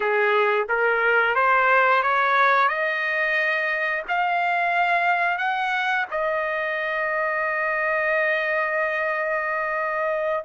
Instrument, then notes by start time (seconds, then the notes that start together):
trumpet
0.00 G#4
0.68 A#4
1.35 C5
2.02 C#5
2.68 D#5
4.08 F5
5.38 F#5
6.10 D#5